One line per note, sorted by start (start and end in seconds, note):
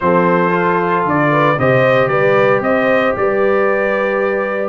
0.00 1.05 F3
0.00 0.50 C4
0.00 1.31 A4
0.00 1.05 C5
0.50 1.55 F4
1.05 1.57 D3
1.05 1.59 D5
1.31 1.57 B4
1.58 2.08 C3
1.58 4.69 G4
1.58 2.09 C5
1.58 2.08 D#5
2.08 2.60 G3
2.08 2.62 B4
2.08 2.60 D5
2.60 3.13 C4
2.60 3.17 C5
2.60 3.15 D#5
3.16 4.69 G3
3.16 4.69 B4
3.16 4.69 D5